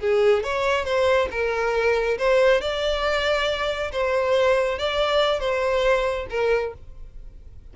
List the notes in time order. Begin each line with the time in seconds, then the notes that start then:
0.00 G#4
0.43 C#5
0.85 C5
1.31 A#4
2.18 C5
2.61 D5
3.92 C5
4.79 D5
5.40 C5
6.30 A#4